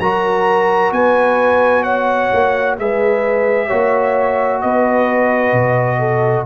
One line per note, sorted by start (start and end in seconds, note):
0.00 0.92 F#3
0.00 2.79 F#4
0.00 0.93 A#4
0.00 0.92 A#5
0.92 2.30 B3
0.92 1.83 B4
0.92 1.83 G#5
1.83 2.76 C#5
1.83 2.76 F#5
2.33 2.79 A#3
2.79 3.71 G#3
2.79 3.70 G#4
2.79 3.67 B4
2.79 4.62 E5
3.67 4.63 A#3
3.67 6.46 F#4
3.67 4.60 C#5
4.62 5.53 B3
4.62 5.99 B4
4.62 6.46 D#5
5.53 6.45 B2
5.99 6.45 A4